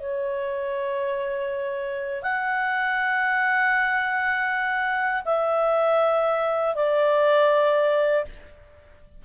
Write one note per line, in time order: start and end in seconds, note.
0.00 2.23 C#5
2.23 5.23 F#5
5.25 6.75 E5
6.75 8.25 D5